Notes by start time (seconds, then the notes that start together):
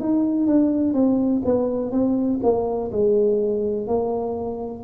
0.00 D#4
0.47 D4
0.94 C4
1.45 B3
1.92 C4
2.43 A#3
2.92 G#3
3.87 A#3